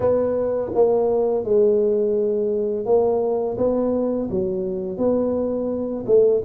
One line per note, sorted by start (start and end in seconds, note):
0.00 0.71 B3
0.74 1.44 A#3
1.44 2.85 G#3
2.85 3.56 A#3
3.57 4.29 B3
4.30 4.97 F#3
4.97 6.05 B3
6.06 6.42 A3